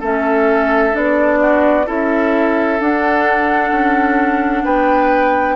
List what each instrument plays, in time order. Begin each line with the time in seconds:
0.00 bassoon A3, clarinet C#4, oboe A4, flute E5
0.93 bassoon B3, clarinet D4, flute D5
1.41 oboe F#4
1.86 bassoon C#4, clarinet E4, oboe A4, flute E5
2.81 bassoon D4, clarinet D4, flute F#5
3.72 bassoon C#4
4.64 bassoon B3, oboe B4, flute G5